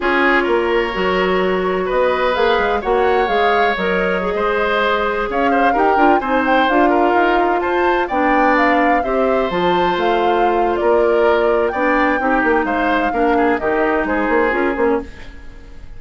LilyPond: <<
  \new Staff \with { instrumentName = "flute" } { \time 4/4 \tempo 4 = 128 cis''1 | dis''4 f''4 fis''4 f''4 | dis''2.~ dis''16 f''8.~ | f''16 g''4 gis''8 g''8 f''4.~ f''16~ |
f''16 a''4 g''4 f''4 e''8.~ | e''16 a''4 f''4.~ f''16 d''4~ | d''4 g''2 f''4~ | f''4 dis''4 c''4 ais'8 c''16 cis''16 | }
  \new Staff \with { instrumentName = "oboe" } { \time 4/4 gis'4 ais'2. | b'2 cis''2~ | cis''4~ cis''16 c''2 cis''8 c''16~ | c''16 ais'4 c''4. ais'4~ ais'16~ |
ais'16 c''4 d''2 c''8.~ | c''2. ais'4~ | ais'4 d''4 g'4 c''4 | ais'8 gis'8 g'4 gis'2 | }
  \new Staff \with { instrumentName = "clarinet" } { \time 4/4 f'2 fis'2~ | fis'4 gis'4 fis'4 gis'4 | ais'4 gis'2.~ | gis'16 g'8 f'8 dis'4 f'4.~ f'16~ |
f'4~ f'16 d'2 g'8.~ | g'16 f'2.~ f'8.~ | f'4 d'4 dis'2 | d'4 dis'2 f'8 cis'8 | }
  \new Staff \with { instrumentName = "bassoon" } { \time 4/4 cis'4 ais4 fis2 | b4 ais8 gis8 ais4 gis4 | fis4~ fis16 gis2 cis'8.~ | cis'16 dis'8 d'8 c'4 d'4 dis'8.~ |
dis'16 f'4 b2 c'8.~ | c'16 f4 a4.~ a16 ais4~ | ais4 b4 c'8 ais8 gis4 | ais4 dis4 gis8 ais8 cis'8 ais8 | }
>>